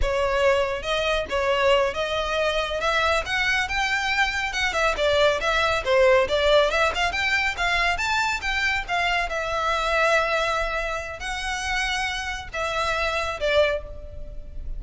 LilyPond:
\new Staff \with { instrumentName = "violin" } { \time 4/4 \tempo 4 = 139 cis''2 dis''4 cis''4~ | cis''8 dis''2 e''4 fis''8~ | fis''8 g''2 fis''8 e''8 d''8~ | d''8 e''4 c''4 d''4 e''8 |
f''8 g''4 f''4 a''4 g''8~ | g''8 f''4 e''2~ e''8~ | e''2 fis''2~ | fis''4 e''2 d''4 | }